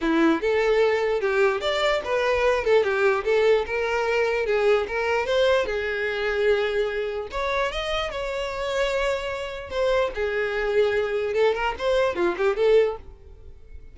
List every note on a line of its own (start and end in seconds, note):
0.01 0.41 E4
0.41 1.20 A4
1.20 1.60 G4
1.60 2.01 D5
2.04 2.64 B4
2.64 2.83 A4
2.83 3.24 G4
3.24 3.65 A4
3.66 4.46 A#4
4.46 4.86 G#4
4.87 5.26 A#4
5.26 5.66 C5
5.66 7.28 G#4
7.31 7.71 C#5
7.71 8.10 D#5
8.10 9.70 C#5
9.70 10.10 C5
10.14 11.34 G#4
11.34 11.54 A4
11.54 11.74 A#4
11.78 12.15 C5
12.15 12.35 F4
12.37 12.56 G4
12.56 12.96 A4